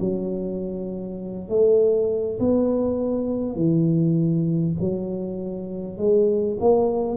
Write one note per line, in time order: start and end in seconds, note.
0.00 1.49 F#3
1.49 2.39 A3
2.39 3.56 B3
3.56 4.76 E3
4.80 5.98 F#3
5.98 6.58 G#3
6.60 7.17 A#3